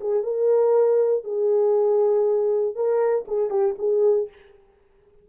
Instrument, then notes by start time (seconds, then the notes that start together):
horn
0.00 G#4
0.23 A#4
1.24 G#4
2.75 A#4
3.27 G#4
3.50 G4
3.78 G#4